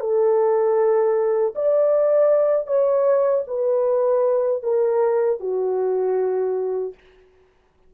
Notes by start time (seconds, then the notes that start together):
0.00 A4
1.55 D5
2.67 C#5
3.47 B4
4.63 A#4
5.40 F#4